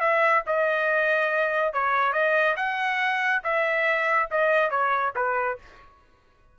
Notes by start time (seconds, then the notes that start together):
0.00 E5
0.46 D#5
1.73 C#5
2.13 D#5
2.56 F#5
3.43 E5
4.31 D#5
4.70 C#5
5.16 B4